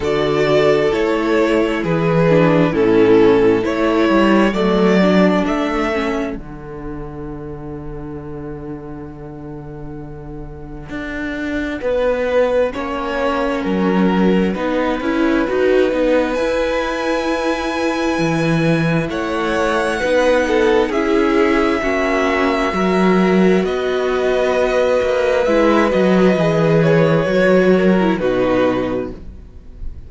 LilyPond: <<
  \new Staff \with { instrumentName = "violin" } { \time 4/4 \tempo 4 = 66 d''4 cis''4 b'4 a'4 | cis''4 d''4 e''4 fis''4~ | fis''1~ | fis''1~ |
fis''2 gis''2~ | gis''4 fis''2 e''4~ | e''2 dis''2 | e''8 dis''4 cis''4. b'4 | }
  \new Staff \with { instrumentName = "violin" } { \time 4/4 a'2 gis'4 e'4 | a'1~ | a'1~ | a'4 b'4 cis''4 ais'4 |
b'1~ | b'4 cis''4 b'8 a'8 gis'4 | fis'4 ais'4 b'2~ | b'2~ b'8 ais'8 fis'4 | }
  \new Staff \with { instrumentName = "viola" } { \time 4/4 fis'4 e'4. d'8 cis'4 | e'4 a8 d'4 cis'8 d'4~ | d'1~ | d'2 cis'2 |
dis'8 e'8 fis'8 dis'8 e'2~ | e'2 dis'4 e'4 | cis'4 fis'2. | e'8 fis'8 gis'4 fis'8. e'16 dis'4 | }
  \new Staff \with { instrumentName = "cello" } { \time 4/4 d4 a4 e4 a,4 | a8 g8 fis4 a4 d4~ | d1 | d'4 b4 ais4 fis4 |
b8 cis'8 dis'8 b8 e'2 | e4 a4 b4 cis'4 | ais4 fis4 b4. ais8 | gis8 fis8 e4 fis4 b,4 | }
>>